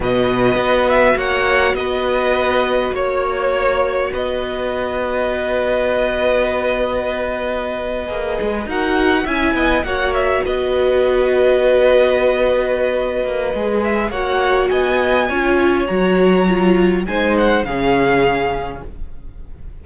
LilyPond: <<
  \new Staff \with { instrumentName = "violin" } { \time 4/4 \tempo 4 = 102 dis''4. e''8 fis''4 dis''4~ | dis''4 cis''2 dis''4~ | dis''1~ | dis''2~ dis''8. fis''4 gis''16~ |
gis''8. fis''8 e''8 dis''2~ dis''16~ | dis''2.~ dis''8 e''8 | fis''4 gis''2 ais''4~ | ais''4 gis''8 fis''8 f''2 | }
  \new Staff \with { instrumentName = "violin" } { \time 4/4 b'2 cis''4 b'4~ | b'4 cis''2 b'4~ | b'1~ | b'2~ b'8. ais'4 e''16~ |
e''16 dis''8 cis''4 b'2~ b'16~ | b'1 | cis''4 dis''4 cis''2~ | cis''4 c''4 gis'2 | }
  \new Staff \with { instrumentName = "viola" } { \time 4/4 fis'1~ | fis'1~ | fis'1~ | fis'4.~ fis'16 gis'4 fis'4 e'16~ |
e'8. fis'2.~ fis'16~ | fis'2. gis'4 | fis'2 f'4 fis'4 | f'4 dis'4 cis'2 | }
  \new Staff \with { instrumentName = "cello" } { \time 4/4 b,4 b4 ais4 b4~ | b4 ais2 b4~ | b1~ | b4.~ b16 ais8 gis8 dis'4 cis'16~ |
cis'16 b8 ais4 b2~ b16~ | b2~ b8 ais8 gis4 | ais4 b4 cis'4 fis4~ | fis4 gis4 cis2 | }
>>